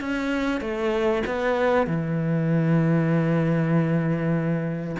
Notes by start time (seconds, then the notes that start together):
0.00 C#4
0.61 A3
1.27 B3
1.87 E3